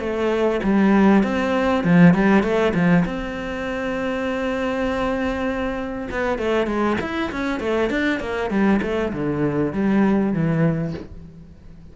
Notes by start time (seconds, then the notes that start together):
0.00 A3
0.63 G3
1.23 C4
1.84 F3
2.14 G3
2.43 A3
2.74 F3
3.06 C4
6.11 B3
6.38 A3
6.67 G#3
7.01 E4
7.32 C#4
7.60 A3
7.90 D4
8.20 A#3
8.50 G3
8.82 A3
9.13 D3
9.73 G3
10.33 E3